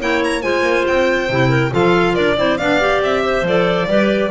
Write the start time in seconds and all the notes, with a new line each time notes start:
0.00 A#3 E4 C#5 G5
0.24 A#5
0.42 G#3 F4 C5 G#5
0.62 A#3
0.87 C4 G5
1.29 C3 E4
1.49 A#4
1.71 F3 F4 A4 F5
2.14 D4 A#4 D5
2.37 C4 E4 C5
2.58 B3 D4 D5 F5
2.80 G4
3.01 C4 E5
3.23 C5
3.42 F3 A4 D5
3.87 G3 G4 B4